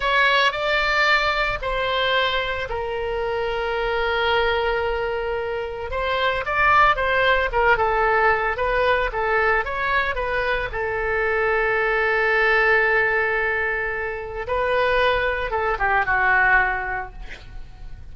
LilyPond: \new Staff \with { instrumentName = "oboe" } { \time 4/4 \tempo 4 = 112 cis''4 d''2 c''4~ | c''4 ais'2.~ | ais'2. c''4 | d''4 c''4 ais'8 a'4. |
b'4 a'4 cis''4 b'4 | a'1~ | a'2. b'4~ | b'4 a'8 g'8 fis'2 | }